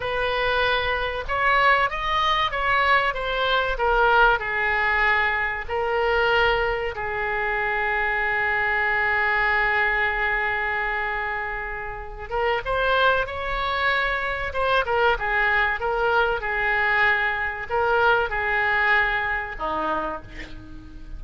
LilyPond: \new Staff \with { instrumentName = "oboe" } { \time 4/4 \tempo 4 = 95 b'2 cis''4 dis''4 | cis''4 c''4 ais'4 gis'4~ | gis'4 ais'2 gis'4~ | gis'1~ |
gis'2.~ gis'8 ais'8 | c''4 cis''2 c''8 ais'8 | gis'4 ais'4 gis'2 | ais'4 gis'2 dis'4 | }